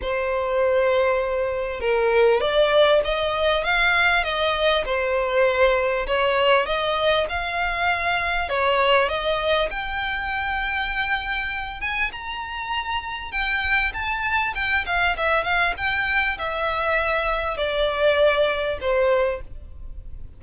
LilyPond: \new Staff \with { instrumentName = "violin" } { \time 4/4 \tempo 4 = 99 c''2. ais'4 | d''4 dis''4 f''4 dis''4 | c''2 cis''4 dis''4 | f''2 cis''4 dis''4 |
g''2.~ g''8 gis''8 | ais''2 g''4 a''4 | g''8 f''8 e''8 f''8 g''4 e''4~ | e''4 d''2 c''4 | }